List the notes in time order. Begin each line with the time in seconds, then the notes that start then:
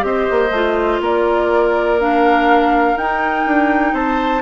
0.00 C4 G4 C5 D#5
0.30 A#3
0.50 A3 F4
1.00 A#3 A#4 D5
1.99 D4 F5
2.96 D#4 G5
3.46 D4
3.93 C4 C5 A5